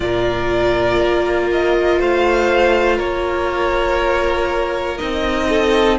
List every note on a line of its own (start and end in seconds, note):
0.00 0.99 A#2
0.00 4.98 F4
0.00 1.99 A#4
0.00 1.50 D5
0.99 1.99 A#3
1.51 2.01 D#5
1.99 2.99 A3
1.99 2.97 C5
1.99 2.98 F5
2.97 4.99 A#3
2.97 5.47 A#4
2.97 4.98 C#5
4.98 5.98 C4
4.98 5.98 D#4
4.98 5.98 D#5
5.49 5.98 A4